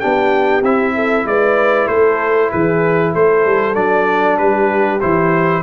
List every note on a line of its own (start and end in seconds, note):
0.00 0.62 B3
0.00 0.63 D4
0.00 0.94 G4
0.00 0.63 G5
0.62 1.25 C4
0.62 3.75 E4
0.62 1.27 E5
0.95 1.26 A4
1.25 1.88 G#3
1.25 1.91 B4
1.25 1.88 D5
1.88 2.51 A3
1.88 2.52 A4
1.88 2.51 C5
2.51 3.15 E3
2.51 3.14 G#4
2.51 3.14 B4
3.14 3.46 A3
3.14 4.39 A4
3.14 3.75 C5
3.46 3.76 G3
3.75 4.39 F#3
3.75 5.00 D4
3.75 4.38 D5
4.38 5.01 G3
4.38 5.63 G4
4.38 5.00 B4
5.01 5.63 E3
5.01 5.63 E4
5.01 5.63 C5